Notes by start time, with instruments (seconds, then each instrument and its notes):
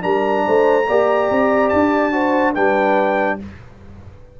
0.00 tuba G3, trombone D4, horn A#4, trumpet A#5
0.46 tuba A3, horn C5
0.87 tuba A#3, trombone G4, horn D5
1.30 tuba C4
1.69 tuba D4, trumpet A5
2.11 trombone F#4, horn C5
2.54 tuba G3, trombone D4, horn B4, trumpet G5